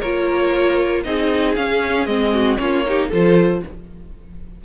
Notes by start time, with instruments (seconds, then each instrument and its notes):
0.00 cello A#3, viola F4, violin A#4 C#5
1.03 cello C4, viola D#4, violin G#4 D#5
1.55 viola C#4, cello C#4, violin F5
2.06 cello G#3, viola C4, violin D#5
2.33 violin F#4
2.57 cello A#3, viola C#4, violin F4 C#5
2.86 viola D#4, violin G4
3.09 cello F3, viola F4, violin A4 C5